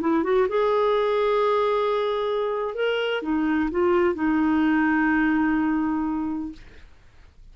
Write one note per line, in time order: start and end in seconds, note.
0.00 0.23 E4
0.23 0.47 F#4
0.48 2.74 G#4
2.74 3.22 A#4
3.22 3.69 D#4
3.71 4.14 F4
4.14 6.52 D#4